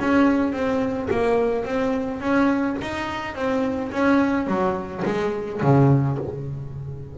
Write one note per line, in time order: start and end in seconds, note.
0.00 0.53 C#4
0.53 1.09 C4
1.11 1.65 A#3
1.65 2.21 C4
2.21 2.77 C#4
2.82 3.35 D#4
3.35 3.92 C4
3.92 4.47 C#4
4.47 5.03 F#3
5.05 5.62 G#3
5.62 6.18 C#3